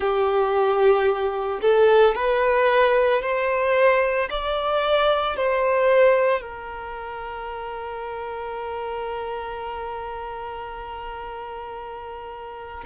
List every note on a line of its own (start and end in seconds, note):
0.00 1.60 G4
1.61 2.14 A4
2.14 3.21 B4
3.21 4.29 C5
4.30 5.36 D5
5.36 6.40 C5
6.40 12.83 A#4